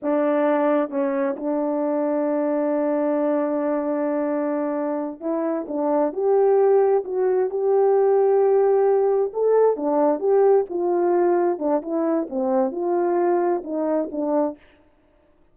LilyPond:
\new Staff \with { instrumentName = "horn" } { \time 4/4 \tempo 4 = 132 d'2 cis'4 d'4~ | d'1~ | d'2.~ d'8 e'8~ | e'8 d'4 g'2 fis'8~ |
fis'8 g'2.~ g'8~ | g'8 a'4 d'4 g'4 f'8~ | f'4. d'8 e'4 c'4 | f'2 dis'4 d'4 | }